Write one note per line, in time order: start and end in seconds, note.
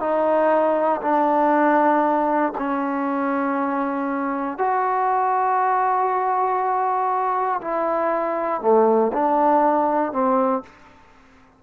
0.00 1.01 D#4
1.02 2.53 D4
2.58 4.58 C#4
4.58 7.61 F#4
7.61 8.61 E4
8.61 9.11 A3
9.13 10.12 D4
10.12 10.63 C4